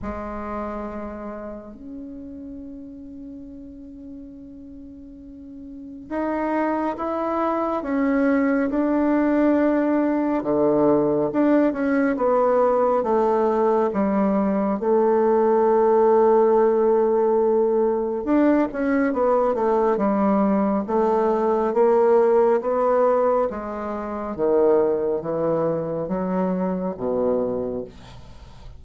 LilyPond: \new Staff \with { instrumentName = "bassoon" } { \time 4/4 \tempo 4 = 69 gis2 cis'2~ | cis'2. dis'4 | e'4 cis'4 d'2 | d4 d'8 cis'8 b4 a4 |
g4 a2.~ | a4 d'8 cis'8 b8 a8 g4 | a4 ais4 b4 gis4 | dis4 e4 fis4 b,4 | }